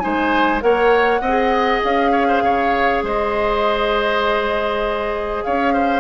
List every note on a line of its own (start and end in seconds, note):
0.00 0.62 G#3
0.00 0.61 D#4
0.00 0.64 C5
0.00 0.60 G#5
0.61 1.21 A#3
0.61 1.21 A#4
0.61 1.21 C#5
0.61 1.82 F#5
1.21 1.81 C4
1.21 2.11 D#5
1.28 6.01 G#4
1.84 2.42 C#4
1.84 3.04 F5
2.12 2.27 C#5
2.28 2.43 C5
2.42 3.02 C#3
2.42 3.04 C#5
3.03 5.43 G#3
3.03 5.45 C5
3.03 5.44 D#5
5.44 6.01 C#4
5.44 5.74 C#5
5.44 6.01 F5
5.74 6.01 C5